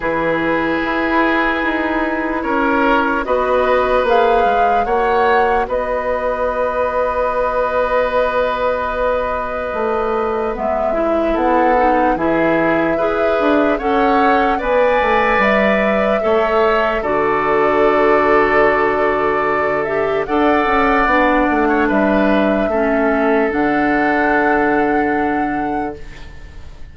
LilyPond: <<
  \new Staff \with { instrumentName = "flute" } { \time 4/4 \tempo 4 = 74 b'2. cis''4 | dis''4 f''4 fis''4 dis''4~ | dis''1~ | dis''4 e''4 fis''4 e''4~ |
e''4 fis''4 gis''4 e''4~ | e''4 d''2.~ | d''8 e''8 fis''2 e''4~ | e''4 fis''2. | }
  \new Staff \with { instrumentName = "oboe" } { \time 4/4 gis'2. ais'4 | b'2 cis''4 b'4~ | b'1~ | b'2 a'4 gis'4 |
b'4 cis''4 d''2 | cis''4 a'2.~ | a'4 d''4.~ d''16 cis''16 b'4 | a'1 | }
  \new Staff \with { instrumentName = "clarinet" } { \time 4/4 e'1 | fis'4 gis'4 fis'2~ | fis'1~ | fis'4 b8 e'4 dis'8 e'4 |
gis'4 a'4 b'2 | a'4 fis'2.~ | fis'8 g'8 a'4 d'2 | cis'4 d'2. | }
  \new Staff \with { instrumentName = "bassoon" } { \time 4/4 e4 e'4 dis'4 cis'4 | b4 ais8 gis8 ais4 b4~ | b1 | a4 gis4 b4 e4 |
e'8 d'8 cis'4 b8 a8 g4 | a4 d2.~ | d4 d'8 cis'8 b8 a8 g4 | a4 d2. | }
>>